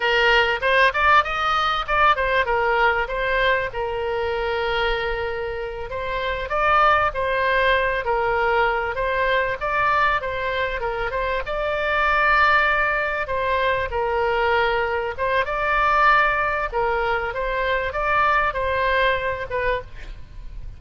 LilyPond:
\new Staff \with { instrumentName = "oboe" } { \time 4/4 \tempo 4 = 97 ais'4 c''8 d''8 dis''4 d''8 c''8 | ais'4 c''4 ais'2~ | ais'4. c''4 d''4 c''8~ | c''4 ais'4. c''4 d''8~ |
d''8 c''4 ais'8 c''8 d''4.~ | d''4. c''4 ais'4.~ | ais'8 c''8 d''2 ais'4 | c''4 d''4 c''4. b'8 | }